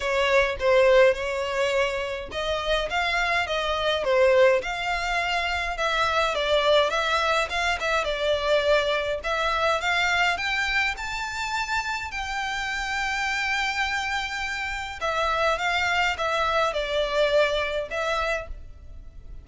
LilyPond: \new Staff \with { instrumentName = "violin" } { \time 4/4 \tempo 4 = 104 cis''4 c''4 cis''2 | dis''4 f''4 dis''4 c''4 | f''2 e''4 d''4 | e''4 f''8 e''8 d''2 |
e''4 f''4 g''4 a''4~ | a''4 g''2.~ | g''2 e''4 f''4 | e''4 d''2 e''4 | }